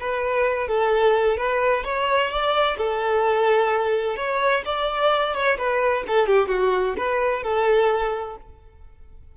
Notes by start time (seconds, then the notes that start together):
0.00 B4
0.68 A4
1.37 B4
1.84 C#5
2.30 D5
2.78 A4
4.16 C#5
4.65 D5
5.34 C#5
5.58 B4
6.07 A4
6.26 G4
6.48 F#4
6.97 B4
7.43 A4